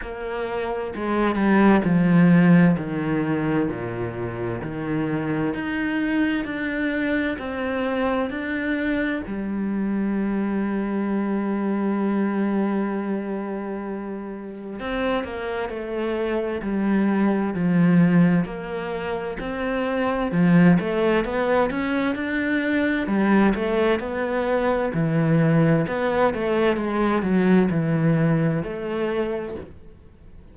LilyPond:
\new Staff \with { instrumentName = "cello" } { \time 4/4 \tempo 4 = 65 ais4 gis8 g8 f4 dis4 | ais,4 dis4 dis'4 d'4 | c'4 d'4 g2~ | g1 |
c'8 ais8 a4 g4 f4 | ais4 c'4 f8 a8 b8 cis'8 | d'4 g8 a8 b4 e4 | b8 a8 gis8 fis8 e4 a4 | }